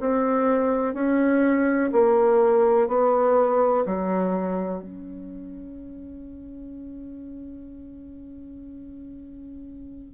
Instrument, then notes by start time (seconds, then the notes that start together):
bassoon
0.00 C4
0.94 C#4
1.92 A#3
2.88 B3
3.85 F#3
4.82 C#4